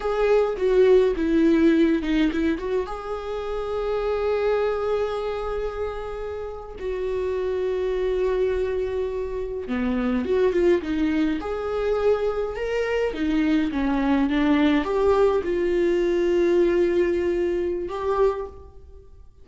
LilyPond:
\new Staff \with { instrumentName = "viola" } { \time 4/4 \tempo 4 = 104 gis'4 fis'4 e'4. dis'8 | e'8 fis'8 gis'2.~ | gis'2.~ gis'8. fis'16~ | fis'1~ |
fis'8. b4 fis'8 f'8 dis'4 gis'16~ | gis'4.~ gis'16 ais'4 dis'4 cis'16~ | cis'8. d'4 g'4 f'4~ f'16~ | f'2. g'4 | }